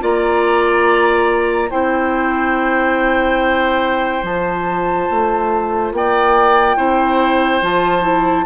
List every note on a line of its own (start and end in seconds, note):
0.00 1.71 A#3
0.00 1.69 F4
0.00 1.70 D5
0.00 1.70 A#5
1.70 4.23 C4
1.70 4.23 E4
1.70 5.92 C5
1.70 4.24 G5
4.23 5.07 F3
4.23 6.77 F4
4.23 5.93 A5
5.10 5.92 A3
5.92 6.76 A#3
5.92 6.76 D5
5.92 7.63 G5
6.76 7.61 C4
6.76 7.61 E4
6.76 8.45 C5
7.62 8.46 F3
7.62 8.02 F4
7.62 8.46 A5
8.02 8.44 E4